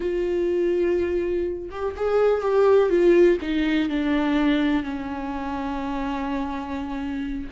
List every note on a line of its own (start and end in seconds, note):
0.00 1.69 F4
1.70 1.95 G4
1.96 2.41 G#4
2.41 2.89 G4
2.89 3.38 F4
3.41 3.89 D#4
3.89 4.83 D4
4.83 7.49 C#4